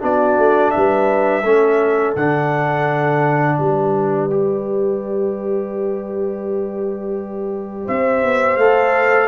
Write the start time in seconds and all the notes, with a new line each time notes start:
0.00 B3 D4 F#4 D5
0.38 A3
0.71 B4 E5
0.77 G3
1.43 A3 C#4 A4
2.16 D3 D4 F#5
3.59 G3 B4 D5
4.30 G4
7.85 C4 C5 E5
8.23 B3
8.57 A3 A4 F5